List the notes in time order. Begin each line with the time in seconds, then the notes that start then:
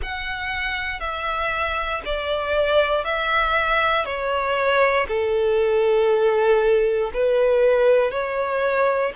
0.02 F#5
1.00 E5
2.05 D5
3.04 E5
4.05 C#5
5.08 A4
7.13 B4
8.11 C#5